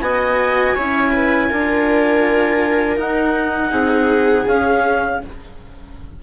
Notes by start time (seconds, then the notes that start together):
0.00 B3 F#4 D#5 G#5
0.74 C#4 E4 C#5
1.12 B4
1.48 D4 F4 A#4
2.96 D#4 F#5
3.71 C4 G#4
4.46 C#4 F5